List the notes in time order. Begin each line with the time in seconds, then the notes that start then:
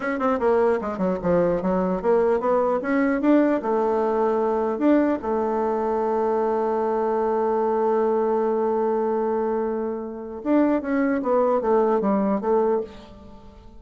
0.00 C#4
0.19 C4
0.39 A#3
0.81 G#3
0.97 F#3
1.22 F3
1.61 F#3
2.01 A#3
2.40 B3
2.81 C#4
3.21 D4
3.62 A3
4.78 D4
5.22 A3
10.43 D4
10.81 C#4
11.22 B3
11.61 A3
12.01 G3
12.40 A3